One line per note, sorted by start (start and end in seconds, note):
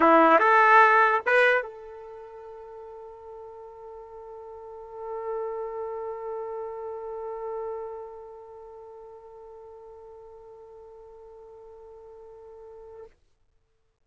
0.00 0.39 E4
0.39 1.20 A4
1.26 1.62 B4
1.62 13.05 A4